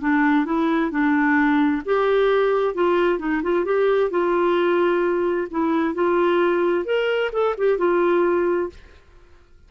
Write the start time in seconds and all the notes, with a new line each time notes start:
0.00 D4
0.45 E4
0.90 D4
1.85 G4
2.74 F4
3.19 D#4
3.42 F4
3.65 G4
4.10 F4
5.50 E4
5.94 F4
6.85 A#4
7.32 A4
7.57 G4
7.78 F4